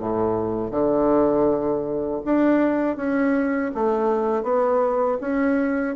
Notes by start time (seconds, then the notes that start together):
0.00 A2
0.71 D3
2.25 D4
2.96 C#4
3.75 A3
4.43 B3
5.21 C#4